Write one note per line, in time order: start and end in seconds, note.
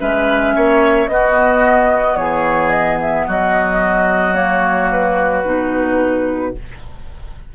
0.00 0.56 G#3
0.00 1.09 C#4
0.00 0.55 B4
0.00 1.08 E5
0.56 1.08 A#3
0.56 1.10 C#5
1.08 2.16 B3
1.08 4.35 B3
1.08 2.19 F#4
1.08 2.17 D#5
2.16 3.25 E3
2.16 3.27 G#4
2.16 2.70 C#5
2.70 2.98 D#5
3.01 3.28 E5
3.27 5.46 F#3
3.27 6.54 F#4
3.27 4.35 D#5
4.35 5.44 A#3
4.35 4.89 C#5
4.92 6.55 B4
5.45 6.55 B2
5.45 6.54 D#4